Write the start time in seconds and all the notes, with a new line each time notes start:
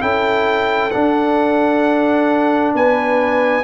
0.00 C#4 E4 A4 G5
0.91 D4 F#5
2.74 B3 B4 G#5